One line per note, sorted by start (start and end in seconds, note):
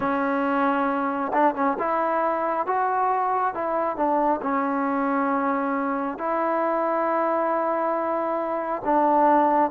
0.00 1.32 C#4
1.33 1.54 D4
1.54 1.76 C#4
1.78 2.66 E4
2.66 3.54 F#4
3.54 3.96 E4
3.96 4.40 D4
4.42 6.18 C#4
6.18 8.82 E4
8.85 9.70 D4